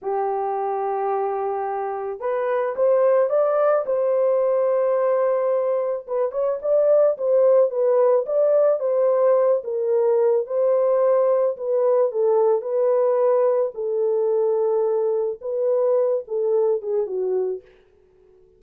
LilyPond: \new Staff \with { instrumentName = "horn" } { \time 4/4 \tempo 4 = 109 g'1 | b'4 c''4 d''4 c''4~ | c''2. b'8 cis''8 | d''4 c''4 b'4 d''4 |
c''4. ais'4. c''4~ | c''4 b'4 a'4 b'4~ | b'4 a'2. | b'4. a'4 gis'8 fis'4 | }